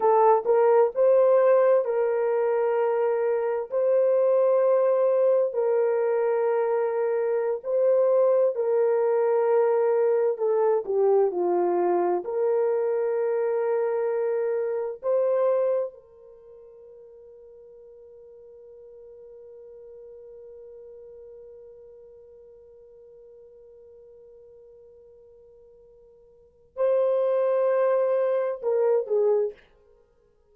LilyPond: \new Staff \with { instrumentName = "horn" } { \time 4/4 \tempo 4 = 65 a'8 ais'8 c''4 ais'2 | c''2 ais'2~ | ais'16 c''4 ais'2 a'8 g'16~ | g'16 f'4 ais'2~ ais'8.~ |
ais'16 c''4 ais'2~ ais'8.~ | ais'1~ | ais'1~ | ais'4 c''2 ais'8 gis'8 | }